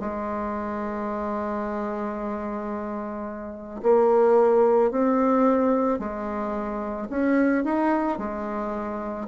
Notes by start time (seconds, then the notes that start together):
0.00 G#3
3.83 A#3
4.91 C4
5.99 G#3
7.10 C#4
7.65 D#4
8.19 G#3